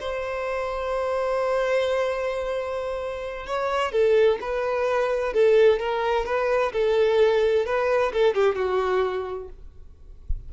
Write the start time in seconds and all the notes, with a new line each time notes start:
0.00 C5
3.46 C#5
3.92 A4
4.41 B4
5.33 A4
5.79 A#4
6.25 B4
6.72 A4
7.65 B4
8.12 A4
8.34 G4
8.55 F#4